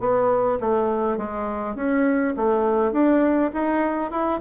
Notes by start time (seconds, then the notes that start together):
0.00 B3
0.60 A3
1.17 G#3
1.76 C#4
2.37 A3
2.93 D4
3.54 D#4
4.11 E4